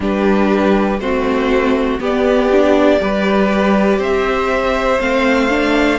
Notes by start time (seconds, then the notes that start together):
0.00 G3 D4 G4 B4
0.99 A3 C4 F#4 C5
1.99 B3 G4 D5
2.51 D4
2.99 G3 G4 B4
3.98 C4 C5 E5
5.00 A3 C4 F5
5.49 D4